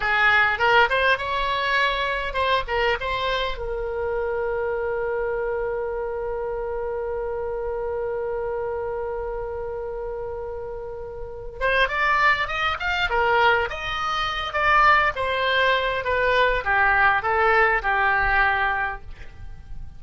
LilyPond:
\new Staff \with { instrumentName = "oboe" } { \time 4/4 \tempo 4 = 101 gis'4 ais'8 c''8 cis''2 | c''8 ais'8 c''4 ais'2~ | ais'1~ | ais'1~ |
ais'2.~ ais'8 c''8 | d''4 dis''8 f''8 ais'4 dis''4~ | dis''8 d''4 c''4. b'4 | g'4 a'4 g'2 | }